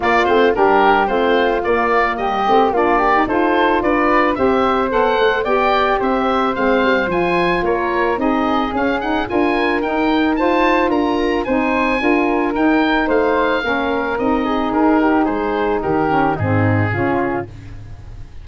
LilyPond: <<
  \new Staff \with { instrumentName = "oboe" } { \time 4/4 \tempo 4 = 110 d''8 c''8 ais'4 c''4 d''4 | dis''4 d''4 c''4 d''4 | e''4 fis''4 g''4 e''4 | f''4 gis''4 cis''4 dis''4 |
f''8 fis''8 gis''4 g''4 a''4 | ais''4 gis''2 g''4 | f''2 dis''4 ais'4 | c''4 ais'4 gis'2 | }
  \new Staff \with { instrumentName = "flute" } { \time 4/4 f'4 g'4 f'2 | g'4 f'8 g'8 a'4 b'4 | c''2 d''4 c''4~ | c''2 ais'4 gis'4~ |
gis'4 ais'2 c''4 | ais'4 c''4 ais'2 | c''4 ais'4. gis'4 g'8 | gis'4 g'4 dis'4 f'4 | }
  \new Staff \with { instrumentName = "saxophone" } { \time 4/4 ais8 c'8 d'4 c'4 ais4~ | ais8 c'8 d'8. dis'16 f'2 | g'4 a'4 g'2 | c'4 f'2 dis'4 |
cis'8 dis'8 f'4 dis'4 f'4~ | f'4 dis'4 f'4 dis'4~ | dis'4 cis'4 dis'2~ | dis'4. cis'8 c'4 cis'4 | }
  \new Staff \with { instrumentName = "tuba" } { \time 4/4 ais8 a8 g4 a4 ais4 | g8 a8 ais4 dis'4 d'4 | c'4 b8 a8 b4 c'4 | gis8 g8 f4 ais4 c'4 |
cis'4 d'4 dis'2 | d'4 c'4 d'4 dis'4 | a4 ais4 c'4 dis'4 | gis4 dis4 gis,4 cis4 | }
>>